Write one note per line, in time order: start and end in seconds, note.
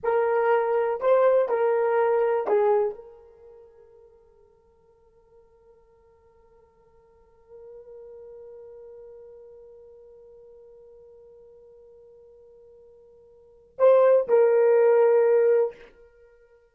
0.03 1.00 A#4
1.00 1.48 C5
1.48 2.47 A#4
2.47 2.94 G#4
2.94 13.76 A#4
13.78 14.27 C5
14.28 15.75 A#4